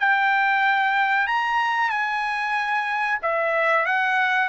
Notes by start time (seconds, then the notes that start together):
0.00 G5
1.27 A#5
1.90 G#5
3.23 E5
3.86 F#5